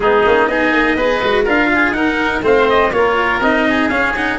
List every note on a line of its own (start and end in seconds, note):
0.00 0.24 G#3
0.00 0.23 B3
0.00 0.49 D#4
0.00 0.47 G#4
0.25 0.48 A#3
0.25 0.49 C#4
0.47 0.72 B3
0.47 0.97 D#4
0.47 0.96 G#4
0.47 1.44 D#5
0.72 0.95 A#3
0.95 1.20 B3
0.95 1.21 G#4
0.95 1.44 B4
1.22 1.47 G#3
1.22 1.46 F#4
1.44 1.91 D4
1.44 1.94 F4
1.44 1.68 A#4
1.44 1.92 F5
1.74 1.96 G#4
1.91 2.40 D#4
1.91 2.42 D#4
1.91 2.43 A#4
1.91 2.41 F#5
2.42 2.91 A3
2.42 2.91 C4
2.42 2.92 C5
2.42 2.69 F5
2.69 2.93 D#5
2.92 3.40 A#3
2.92 3.42 F4
2.92 3.69 A#4
2.92 3.41 C#5
3.40 3.89 C4
3.40 3.91 D#4
3.40 3.89 D#5
3.69 4.39 G#4
3.89 4.38 C#4
3.89 4.15 C#4
3.89 4.13 F5
4.16 4.39 D#4
4.16 4.39 F#5